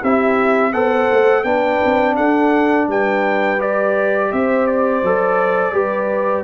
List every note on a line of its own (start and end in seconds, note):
0.00 0.73 C4
0.00 0.73 E4
0.00 0.71 G4
0.00 0.72 E5
0.72 1.09 B3
0.72 1.44 A4
0.72 1.43 C5
0.72 1.43 F#5
1.11 1.43 A3
1.43 1.79 B3
1.43 3.58 D4
1.43 2.15 B4
1.43 2.15 G5
1.84 2.18 C4
2.16 2.87 D4
2.16 2.88 A4
2.16 2.87 F#5
2.87 4.30 G3
2.87 4.31 B4
2.87 3.61 G5
3.59 5.01 G4
3.59 4.32 D5
4.31 5.02 C4
4.31 5.73 C5
4.31 4.67 E5
4.67 6.44 D5
5.02 5.72 F#3
5.02 5.73 A4
5.72 6.43 G3
5.72 6.44 G4
5.72 6.44 B4